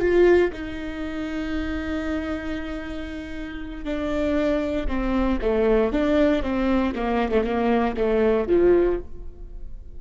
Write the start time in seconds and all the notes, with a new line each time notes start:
0.00 F4
0.52 D#4
3.85 D4
4.88 C4
5.41 A3
5.93 D4
6.43 C4
6.95 A#3
7.31 A3
7.44 A#3
7.97 A3
8.48 F3